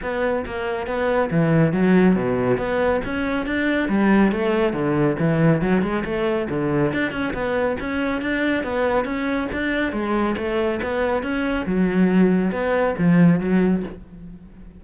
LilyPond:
\new Staff \with { instrumentName = "cello" } { \time 4/4 \tempo 4 = 139 b4 ais4 b4 e4 | fis4 b,4 b4 cis'4 | d'4 g4 a4 d4 | e4 fis8 gis8 a4 d4 |
d'8 cis'8 b4 cis'4 d'4 | b4 cis'4 d'4 gis4 | a4 b4 cis'4 fis4~ | fis4 b4 f4 fis4 | }